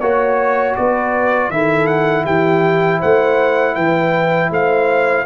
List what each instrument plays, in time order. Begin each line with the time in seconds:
0.00 tuba A#3, trombone F#4, trumpet C#5, horn C#5
0.76 tuba B3, horn B4, trumpet D5
1.49 tuba D#3, trombone E4, horn A4, trumpet E5
1.87 trumpet F#5
2.25 tuba E3, horn G4, trumpet G5
2.99 tuba A3, horn C5, trumpet F#5
3.75 tuba E3, horn B4, trumpet G5
4.50 tuba A3, horn C5, trumpet F5